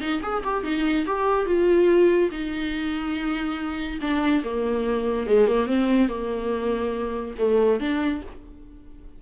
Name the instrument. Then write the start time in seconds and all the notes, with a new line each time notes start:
viola
0.00 D#4
0.22 G#4
0.44 G4
0.64 D#4
1.06 G4
1.46 F4
2.31 D#4
4.01 D4
4.44 A#3
5.26 G#3
5.47 A#3
5.66 C4
6.08 A#3
7.38 A3
7.79 D4